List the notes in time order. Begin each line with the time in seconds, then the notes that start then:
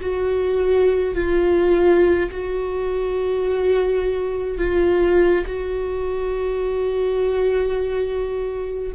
0.00 F#4
1.14 F4
2.30 F#4
4.58 F4
5.46 F#4